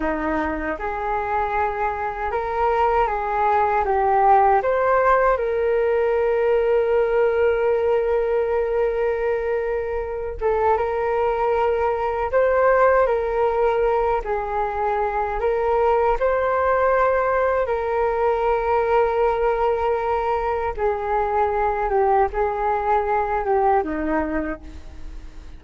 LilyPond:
\new Staff \with { instrumentName = "flute" } { \time 4/4 \tempo 4 = 78 dis'4 gis'2 ais'4 | gis'4 g'4 c''4 ais'4~ | ais'1~ | ais'4. a'8 ais'2 |
c''4 ais'4. gis'4. | ais'4 c''2 ais'4~ | ais'2. gis'4~ | gis'8 g'8 gis'4. g'8 dis'4 | }